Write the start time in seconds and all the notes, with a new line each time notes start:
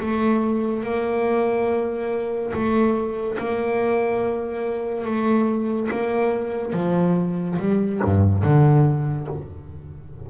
0.00 A3
0.84 A#3
2.54 A3
3.39 A#3
5.05 A3
5.91 A#3
6.73 F3
7.59 G3
8.04 G2
8.43 D3